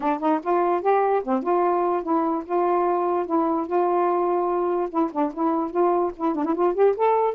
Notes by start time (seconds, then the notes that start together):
0.00 D4
0.19 D#4
0.43 F4
0.81 G4
1.23 C4
1.42 F4
2.03 E4
2.45 F4
3.26 E4
3.66 F4
4.90 E4
5.12 D4
5.33 E4
5.71 F4
6.16 E4
6.35 D4
6.45 E4
6.54 F4
6.74 G4
6.96 A4